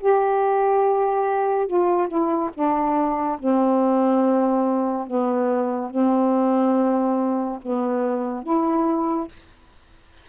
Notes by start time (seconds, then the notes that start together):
0.00 G4
1.67 F4
2.08 E4
2.54 D4
3.39 C4
5.07 B3
5.90 C4
7.62 B3
8.43 E4